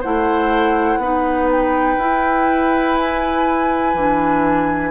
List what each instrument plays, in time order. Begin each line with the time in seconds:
0.00 bassoon A3, clarinet E4, oboe C5, flute F#5
0.97 bassoon B3, clarinet D#4, oboe B4
1.51 flute G5
1.98 bassoon E4, clarinet E4
2.97 flute G#5
3.94 bassoon E3, clarinet D4